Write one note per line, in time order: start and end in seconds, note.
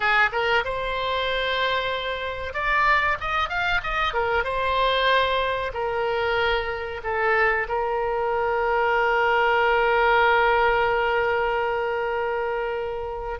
0.00 0.30 G#4
0.32 0.64 A#4
0.64 2.53 C5
2.53 3.17 D5
3.20 3.49 D#5
3.49 3.81 F5
3.83 4.13 D#5
4.13 4.44 A#4
4.44 5.71 C5
5.73 7.01 A#4
7.03 7.67 A4
7.68 13.39 A#4